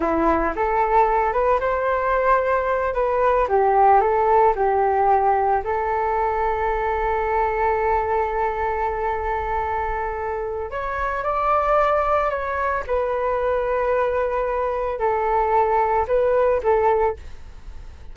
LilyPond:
\new Staff \with { instrumentName = "flute" } { \time 4/4 \tempo 4 = 112 e'4 a'4. b'8 c''4~ | c''4. b'4 g'4 a'8~ | a'8 g'2 a'4.~ | a'1~ |
a'1 | cis''4 d''2 cis''4 | b'1 | a'2 b'4 a'4 | }